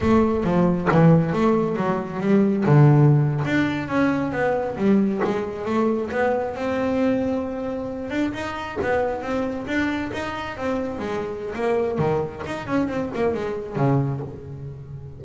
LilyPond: \new Staff \with { instrumentName = "double bass" } { \time 4/4 \tempo 4 = 135 a4 f4 e4 a4 | fis4 g4 d4.~ d16 d'16~ | d'8. cis'4 b4 g4 gis16~ | gis8. a4 b4 c'4~ c'16~ |
c'2~ c'16 d'8 dis'4 b16~ | b8. c'4 d'4 dis'4 c'16~ | c'8. gis4~ gis16 ais4 dis4 | dis'8 cis'8 c'8 ais8 gis4 cis4 | }